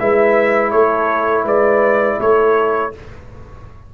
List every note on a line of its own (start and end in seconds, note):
0.00 0.73 G#3
0.00 2.93 E4
0.00 0.73 B4
0.00 0.71 E5
0.71 1.45 A3
0.71 1.44 A4
0.71 1.45 C#5
1.44 2.18 G#3
1.44 2.17 B4
1.44 2.21 D5
2.21 2.94 A3
2.21 2.94 A4
2.21 2.94 C#5